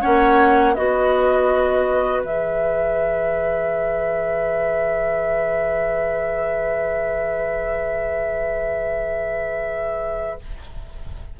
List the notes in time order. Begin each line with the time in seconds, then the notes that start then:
0.00 A#3 C#4 C#5 F#5
0.74 B3 F#4 B4 D#5
2.24 E3 G#4 E5